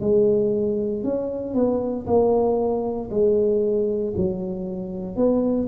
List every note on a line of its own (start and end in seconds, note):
0.00 1.03 G#3
1.03 1.54 C#4
1.54 2.06 B3
2.06 3.10 A#3
3.10 4.13 G#3
4.16 5.16 F#3
5.16 5.68 B3